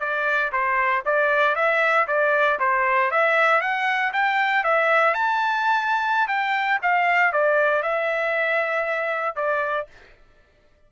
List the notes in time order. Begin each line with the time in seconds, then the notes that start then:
0.00 D5
0.52 C5
1.05 D5
1.55 E5
2.07 D5
2.59 C5
3.11 E5
3.61 F#5
4.13 G5
4.64 E5
5.14 A5
6.28 G5
6.82 F5
7.33 D5
7.82 E5
9.36 D5